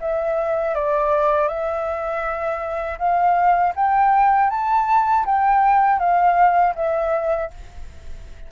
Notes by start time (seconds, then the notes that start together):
0.00 E5
0.74 D5
1.48 E5
2.98 F5
3.75 G5
4.50 A5
5.25 G5
5.99 F5
6.75 E5